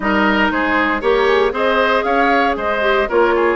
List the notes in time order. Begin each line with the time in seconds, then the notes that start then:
0.00 G3 D#4 A#4 D#5
0.51 G#3 G#4 C5
1.01 A#3 G4 A#4 C#5
1.26 G#4
1.51 C4 G#4 C5 D#5
2.03 C#4 C#5 F5
2.56 G#3 C5 D#5
2.81 G4
3.08 A#3 F4 A#4 C#5
3.35 G#4